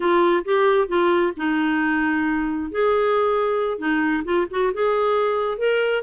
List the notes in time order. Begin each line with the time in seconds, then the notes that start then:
0.00 F4
0.44 G4
0.88 F4
1.37 D#4
2.71 G#4
3.78 D#4
4.24 F4
4.50 F#4
4.73 G#4
5.58 A#4